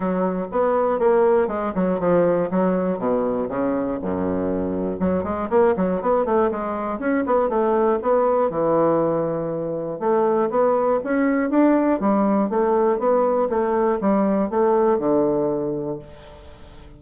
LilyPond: \new Staff \with { instrumentName = "bassoon" } { \time 4/4 \tempo 4 = 120 fis4 b4 ais4 gis8 fis8 | f4 fis4 b,4 cis4 | fis,2 fis8 gis8 ais8 fis8 | b8 a8 gis4 cis'8 b8 a4 |
b4 e2. | a4 b4 cis'4 d'4 | g4 a4 b4 a4 | g4 a4 d2 | }